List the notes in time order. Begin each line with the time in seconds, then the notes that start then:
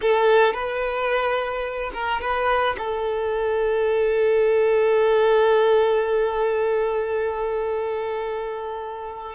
0.01 A4
0.53 B4
1.93 A#4
2.21 B4
2.78 A4